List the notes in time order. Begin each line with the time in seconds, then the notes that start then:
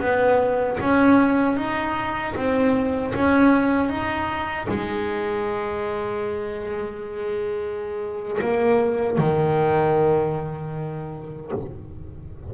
0.00 B3
0.80 C#4
1.57 D#4
2.36 C4
3.15 C#4
3.90 D#4
4.69 G#3
8.42 A#3
9.18 D#3